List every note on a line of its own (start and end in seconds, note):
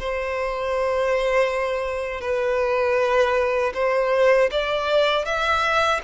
0.00 2.21 C5
2.21 3.73 B4
3.74 4.50 C5
4.52 5.25 D5
5.25 6.01 E5